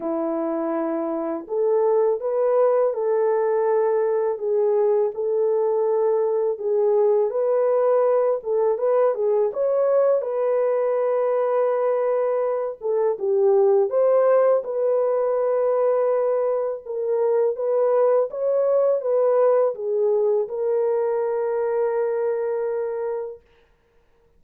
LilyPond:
\new Staff \with { instrumentName = "horn" } { \time 4/4 \tempo 4 = 82 e'2 a'4 b'4 | a'2 gis'4 a'4~ | a'4 gis'4 b'4. a'8 | b'8 gis'8 cis''4 b'2~ |
b'4. a'8 g'4 c''4 | b'2. ais'4 | b'4 cis''4 b'4 gis'4 | ais'1 | }